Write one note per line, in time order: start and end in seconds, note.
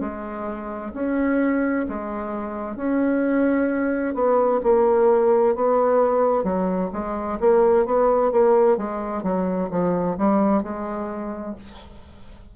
0.00 0.92 G#3
0.94 1.86 C#4
1.88 2.76 G#3
2.76 4.15 C#4
4.15 4.61 B3
4.63 5.56 A#3
5.56 6.44 B3
6.44 6.90 F#3
6.93 7.39 G#3
7.40 7.85 A#3
7.85 8.32 B3
8.32 8.77 A#3
8.77 9.23 G#3
9.23 9.69 F#3
9.70 10.17 F3
10.17 10.63 G3
10.63 11.55 G#3